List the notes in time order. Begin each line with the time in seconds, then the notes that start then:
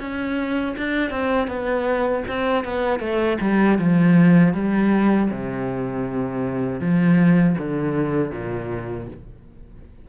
0.00 C#4
0.78 D4
1.11 C4
1.48 B3
2.29 C4
2.65 B3
3.00 A3
3.41 G3
3.79 F3
4.54 G3
5.31 C3
6.81 F3
7.59 D3
8.32 A#2